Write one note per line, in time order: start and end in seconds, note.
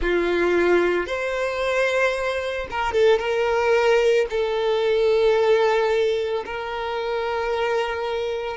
0.01 1.06 F4
1.06 2.67 C5
2.70 2.92 A#4
2.92 3.19 A4
3.19 4.26 A#4
4.30 6.44 A4
6.45 8.56 A#4